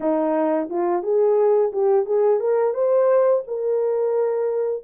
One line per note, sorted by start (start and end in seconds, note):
0.00 0.69 D#4
0.69 1.02 F4
1.02 1.71 G#4
1.72 2.05 G4
2.05 2.39 G#4
2.39 2.74 A#4
2.74 3.43 C5
3.47 4.83 A#4